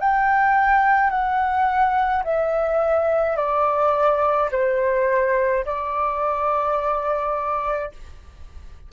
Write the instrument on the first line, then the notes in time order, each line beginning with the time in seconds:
flute
0.00 G5
1.10 F#5
2.24 E5
3.37 D5
4.52 C5
5.66 D5